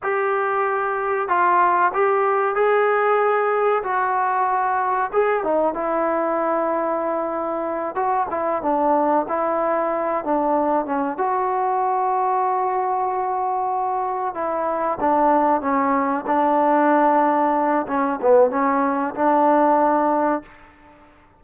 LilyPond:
\new Staff \with { instrumentName = "trombone" } { \time 4/4 \tempo 4 = 94 g'2 f'4 g'4 | gis'2 fis'2 | gis'8 dis'8 e'2.~ | e'8 fis'8 e'8 d'4 e'4. |
d'4 cis'8 fis'2~ fis'8~ | fis'2~ fis'8 e'4 d'8~ | d'8 cis'4 d'2~ d'8 | cis'8 b8 cis'4 d'2 | }